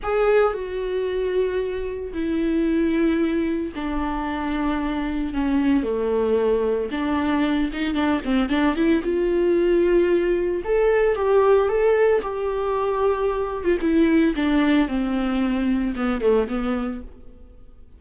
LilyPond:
\new Staff \with { instrumentName = "viola" } { \time 4/4 \tempo 4 = 113 gis'4 fis'2. | e'2. d'4~ | d'2 cis'4 a4~ | a4 d'4. dis'8 d'8 c'8 |
d'8 e'8 f'2. | a'4 g'4 a'4 g'4~ | g'4.~ g'16 f'16 e'4 d'4 | c'2 b8 a8 b4 | }